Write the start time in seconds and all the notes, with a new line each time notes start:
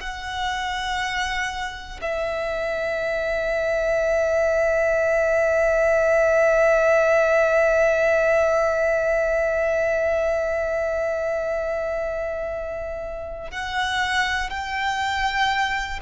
0.00 F#5
2.01 E5
13.51 F#5
14.50 G5